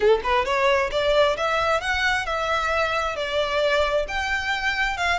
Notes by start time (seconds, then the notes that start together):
0.00 A4
0.23 B4
0.45 C#5
0.91 D5
1.36 E5
1.80 F#5
2.26 E5
3.15 D5
4.07 G5
4.97 F5